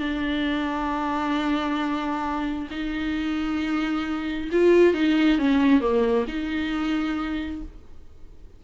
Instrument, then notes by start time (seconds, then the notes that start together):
viola
0.00 D4
2.71 D#4
4.52 F4
4.94 D#4
5.39 C#4
5.81 A#3
6.28 D#4